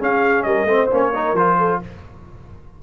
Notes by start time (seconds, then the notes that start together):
0.00 C#4 G#4 F5
0.43 G3 A#4 D#5
0.65 A3 C4 C5
0.91 A#3 C#4 C#5
1.13 D#4 A#4
1.34 F3 F4 C5
1.58 A4